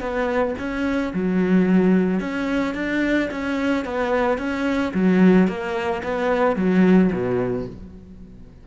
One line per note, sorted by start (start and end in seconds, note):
0.00 0.55 B3
0.58 1.13 C#4
1.14 2.20 F#3
2.20 2.74 C#4
2.74 3.29 D4
3.31 3.84 C#4
3.84 4.38 B3
4.38 4.92 C#4
4.94 5.47 F#3
5.47 6.02 A#3
6.03 6.56 B3
6.56 7.11 F#3
7.12 7.67 B2